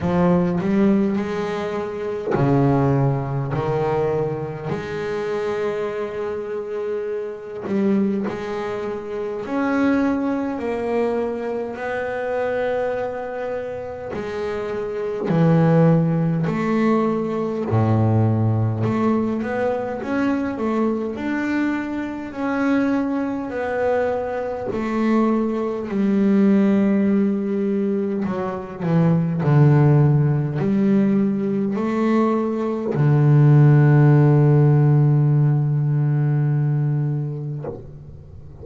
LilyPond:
\new Staff \with { instrumentName = "double bass" } { \time 4/4 \tempo 4 = 51 f8 g8 gis4 cis4 dis4 | gis2~ gis8 g8 gis4 | cis'4 ais4 b2 | gis4 e4 a4 a,4 |
a8 b8 cis'8 a8 d'4 cis'4 | b4 a4 g2 | fis8 e8 d4 g4 a4 | d1 | }